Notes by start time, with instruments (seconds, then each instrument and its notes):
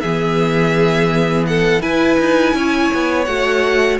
0.00 cello E3, viola B3, violin G#4 E5
1.46 violin A4 F#5
1.80 viola E4, cello E4, violin B4 G#5
2.19 cello D#4
2.53 cello C#4, violin C#5
2.94 cello B3
3.25 cello A3, viola F#4, violin F#5